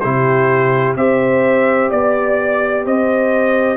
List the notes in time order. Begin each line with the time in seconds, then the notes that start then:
0.00 C3 E4 G4 C5
0.96 C4 G4 C5 E5
1.91 B3 D5
2.86 C4 C5 D#5